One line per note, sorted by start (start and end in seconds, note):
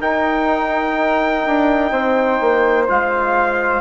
0.00 2.87 D#4
0.00 1.44 D#4
0.00 1.90 A#4
0.00 2.87 G5
1.46 1.91 D4
1.91 2.39 C4
1.91 3.81 C5
2.40 2.88 A#3
2.87 3.81 G#3
2.87 3.81 F4
2.87 3.81 F5